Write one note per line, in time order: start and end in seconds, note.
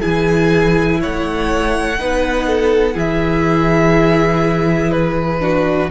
0.00 1.02 E3
0.00 1.97 E4
0.00 1.00 G#4
0.00 1.00 G#5
1.00 1.99 A3
1.00 1.98 C#5
1.00 2.99 F#5
1.98 2.95 B3
1.98 2.94 D#4
1.98 2.47 B4
2.47 2.94 A4
2.94 5.90 E3
2.94 5.40 E4
2.94 5.40 G#4
2.94 4.91 E5
4.91 5.90 B4
5.40 5.89 D4
5.40 5.91 F#4